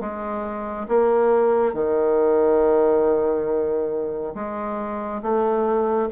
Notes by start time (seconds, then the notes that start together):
0.00 G#3
0.88 A#3
1.73 D#3
4.35 G#3
5.22 A3